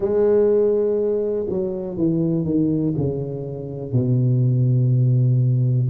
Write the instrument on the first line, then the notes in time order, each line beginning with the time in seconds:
tuba
0.00 G#3
1.49 F#3
1.97 E3
2.45 D#3
2.96 C#3
3.92 B2